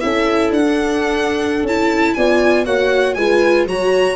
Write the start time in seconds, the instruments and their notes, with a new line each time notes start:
0.00 tuba C#4, viola E4, horn A4, violin E5
0.51 tuba D4, violin F#5
0.68 viola D4
1.63 tuba C#4, viola E4, violin A5
2.14 tuba B3, viola F4, horn D5, violin G#5
2.65 tuba A#3, viola F#4, horn C#5, violin F#5
3.14 tuba G#3, viola F4, horn B4, violin G#5
3.66 tuba F#3, viola F#4, horn C#5, violin A#5